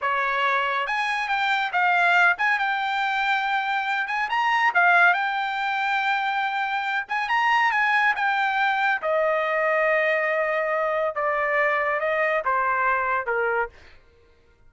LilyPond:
\new Staff \with { instrumentName = "trumpet" } { \time 4/4 \tempo 4 = 140 cis''2 gis''4 g''4 | f''4. gis''8 g''2~ | g''4. gis''8 ais''4 f''4 | g''1~ |
g''8 gis''8 ais''4 gis''4 g''4~ | g''4 dis''2.~ | dis''2 d''2 | dis''4 c''2 ais'4 | }